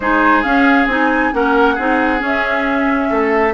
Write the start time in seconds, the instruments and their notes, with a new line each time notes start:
0.00 bassoon G#3, clarinet D#4, oboe G#4, flute C5
0.42 clarinet C#4, bassoon C#4, flute F5
0.86 bassoon C4, clarinet D#4, flute G#5
1.32 bassoon A#3, clarinet C#4, oboe A#4, flute F#5
1.74 bassoon C4, clarinet D#4, oboe G#4
2.18 clarinet C#4, bassoon C#4
2.24 flute E5
3.10 bassoon A3, oboe A4